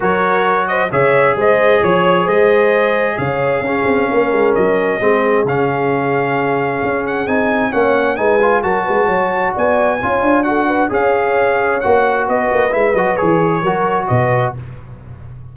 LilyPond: <<
  \new Staff \with { instrumentName = "trumpet" } { \time 4/4 \tempo 4 = 132 cis''4. dis''8 e''4 dis''4 | cis''4 dis''2 f''4~ | f''2 dis''2 | f''2.~ f''8 fis''8 |
gis''4 fis''4 gis''4 a''4~ | a''4 gis''2 fis''4 | f''2 fis''4 dis''4 | e''8 dis''8 cis''2 dis''4 | }
  \new Staff \with { instrumentName = "horn" } { \time 4/4 ais'4. c''8 cis''4 c''4 | cis''4 c''2 cis''4 | gis'4 ais'2 gis'4~ | gis'1~ |
gis'4 cis''4 b'4 ais'8 b'8 | cis''4 d''4 cis''4 a'8 b'8 | cis''2. b'4~ | b'2 ais'4 b'4 | }
  \new Staff \with { instrumentName = "trombone" } { \time 4/4 fis'2 gis'2~ | gis'1 | cis'2. c'4 | cis'1 |
dis'4 cis'4 dis'8 f'8 fis'4~ | fis'2 f'4 fis'4 | gis'2 fis'2 | e'8 fis'8 gis'4 fis'2 | }
  \new Staff \with { instrumentName = "tuba" } { \time 4/4 fis2 cis4 gis4 | f4 gis2 cis4 | cis'8 c'8 ais8 gis8 fis4 gis4 | cis2. cis'4 |
c'4 ais4 gis4 fis8 gis8 | fis4 b4 cis'8 d'4. | cis'2 ais4 b8 ais8 | gis8 fis8 e4 fis4 b,4 | }
>>